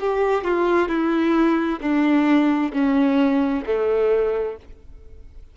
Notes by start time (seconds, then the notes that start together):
0.00 G4
0.44 F4
0.88 E4
1.81 D4
2.72 C#4
3.66 A3